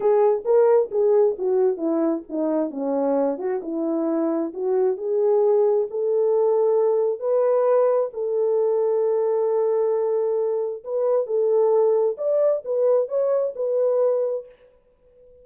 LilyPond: \new Staff \with { instrumentName = "horn" } { \time 4/4 \tempo 4 = 133 gis'4 ais'4 gis'4 fis'4 | e'4 dis'4 cis'4. fis'8 | e'2 fis'4 gis'4~ | gis'4 a'2. |
b'2 a'2~ | a'1 | b'4 a'2 d''4 | b'4 cis''4 b'2 | }